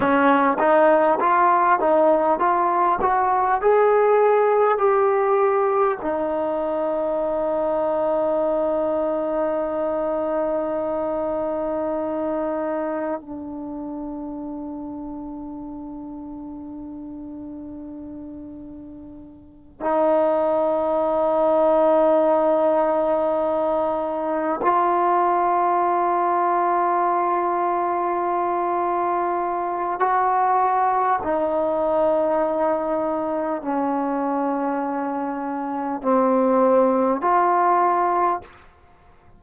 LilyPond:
\new Staff \with { instrumentName = "trombone" } { \time 4/4 \tempo 4 = 50 cis'8 dis'8 f'8 dis'8 f'8 fis'8 gis'4 | g'4 dis'2.~ | dis'2. d'4~ | d'1~ |
d'8 dis'2.~ dis'8~ | dis'8 f'2.~ f'8~ | f'4 fis'4 dis'2 | cis'2 c'4 f'4 | }